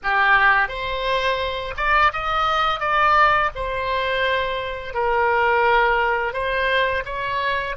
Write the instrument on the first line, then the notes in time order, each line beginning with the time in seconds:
oboe
0.03 G4
0.68 C5
1.76 D5
2.12 D#5
2.79 D5
3.55 C5
4.93 A#4
6.33 C5
7.05 C#5